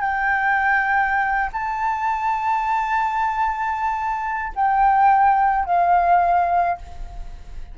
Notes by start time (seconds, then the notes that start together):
0.00 G5
1.52 A5
4.55 G5
5.65 F5